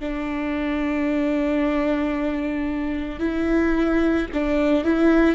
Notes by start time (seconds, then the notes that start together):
0.00 D4
3.20 E4
4.34 D4
4.85 E4